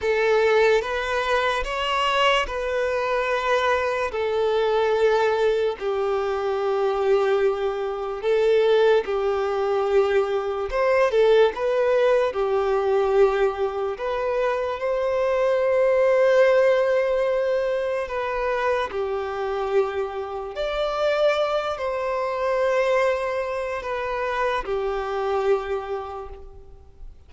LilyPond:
\new Staff \with { instrumentName = "violin" } { \time 4/4 \tempo 4 = 73 a'4 b'4 cis''4 b'4~ | b'4 a'2 g'4~ | g'2 a'4 g'4~ | g'4 c''8 a'8 b'4 g'4~ |
g'4 b'4 c''2~ | c''2 b'4 g'4~ | g'4 d''4. c''4.~ | c''4 b'4 g'2 | }